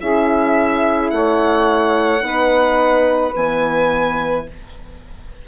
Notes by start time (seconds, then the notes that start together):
0.00 C#4 E4 G#4 E5
1.10 A3 C#5 F#5
2.21 B3 D#4 B4
3.36 E3 B3 G#5